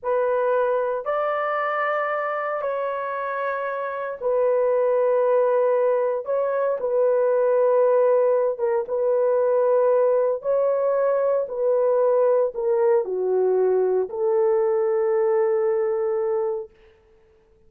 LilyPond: \new Staff \with { instrumentName = "horn" } { \time 4/4 \tempo 4 = 115 b'2 d''2~ | d''4 cis''2. | b'1 | cis''4 b'2.~ |
b'8 ais'8 b'2. | cis''2 b'2 | ais'4 fis'2 a'4~ | a'1 | }